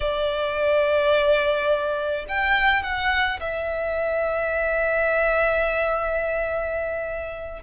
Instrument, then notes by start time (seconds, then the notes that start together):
violin
0.00 D5
2.28 G5
2.83 F#5
3.40 E5